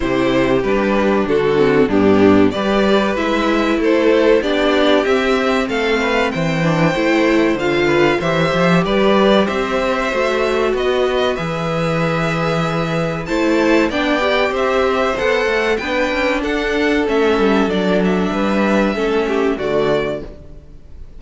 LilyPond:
<<
  \new Staff \with { instrumentName = "violin" } { \time 4/4 \tempo 4 = 95 c''4 b'4 a'4 g'4 | d''4 e''4 c''4 d''4 | e''4 f''4 g''2 | f''4 e''4 d''4 e''4~ |
e''4 dis''4 e''2~ | e''4 a''4 g''4 e''4 | fis''4 g''4 fis''4 e''4 | d''8 e''2~ e''8 d''4 | }
  \new Staff \with { instrumentName = "violin" } { \time 4/4 g'2 fis'4 d'4 | b'2 a'4 g'4~ | g'4 a'8 b'8 c''2~ | c''8 b'8 c''4 b'4 c''4~ |
c''4 b'2.~ | b'4 c''4 d''4 c''4~ | c''4 b'4 a'2~ | a'4 b'4 a'8 g'8 fis'4 | }
  \new Staff \with { instrumentName = "viola" } { \time 4/4 e'4 d'4. c'8 b4 | g'4 e'2 d'4 | c'2~ c'8 d'8 e'4 | f'4 g'2. |
fis'2 gis'2~ | gis'4 e'4 d'8 g'4. | a'4 d'2 cis'4 | d'2 cis'4 a4 | }
  \new Staff \with { instrumentName = "cello" } { \time 4/4 c4 g4 d4 g,4 | g4 gis4 a4 b4 | c'4 a4 e4 a4 | d4 e8 f8 g4 c'4 |
a4 b4 e2~ | e4 a4 b4 c'4 | b8 a8 b8 cis'8 d'4 a8 g8 | fis4 g4 a4 d4 | }
>>